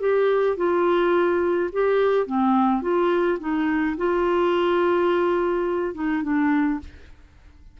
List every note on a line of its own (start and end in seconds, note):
0.00 0.57 G4
0.57 1.70 F4
1.72 2.27 G4
2.27 2.82 C4
2.82 3.39 F4
3.40 3.96 D#4
3.97 5.95 F4
5.95 6.23 D#4
6.23 6.80 D4